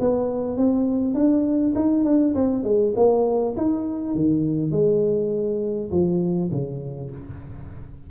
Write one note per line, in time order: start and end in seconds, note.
0.00 0.57 B3
0.57 1.14 C4
1.14 1.74 D4
1.76 2.05 D#4
2.05 2.34 D4
2.35 2.64 C4
2.64 2.94 G#3
2.96 3.56 A#3
3.57 4.15 D#4
4.15 4.72 D#3
4.72 5.91 G#3
5.91 6.51 F3
6.51 7.11 C#3